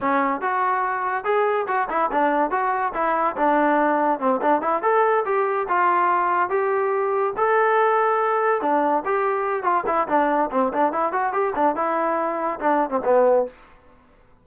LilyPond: \new Staff \with { instrumentName = "trombone" } { \time 4/4 \tempo 4 = 143 cis'4 fis'2 gis'4 | fis'8 e'8 d'4 fis'4 e'4 | d'2 c'8 d'8 e'8 a'8~ | a'8 g'4 f'2 g'8~ |
g'4. a'2~ a'8~ | a'8 d'4 g'4. f'8 e'8 | d'4 c'8 d'8 e'8 fis'8 g'8 d'8 | e'2 d'8. c'16 b4 | }